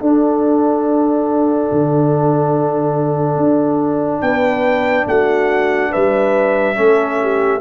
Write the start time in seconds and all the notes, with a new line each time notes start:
0.00 D4 A4 F#5
1.72 D3
3.37 D4
4.21 B3 B4 G5
5.07 A3 F#4 F#5
5.91 G3 B4 E5
6.76 A3 C#4 A4
7.22 G4